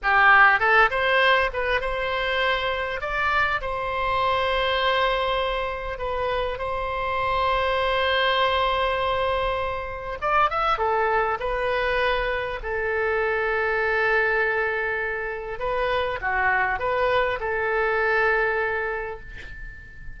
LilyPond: \new Staff \with { instrumentName = "oboe" } { \time 4/4 \tempo 4 = 100 g'4 a'8 c''4 b'8 c''4~ | c''4 d''4 c''2~ | c''2 b'4 c''4~ | c''1~ |
c''4 d''8 e''8 a'4 b'4~ | b'4 a'2.~ | a'2 b'4 fis'4 | b'4 a'2. | }